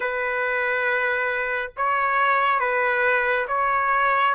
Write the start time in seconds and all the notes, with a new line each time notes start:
0.00 B4
1.76 C#5
2.59 B4
3.48 C#5